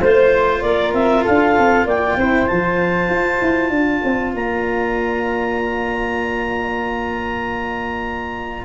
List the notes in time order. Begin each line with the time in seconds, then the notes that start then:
0.00 A3 F4 C5
0.61 A#3 A#4 D5
0.93 C4 E5
1.23 D4 A4 F5
1.58 C4
1.85 A#3 D5 G5
2.16 C4 E4 C5
2.47 F3 F4 A5
3.09 F4
3.41 E4
3.69 D4 D5
4.04 C4
4.33 A#3 A#5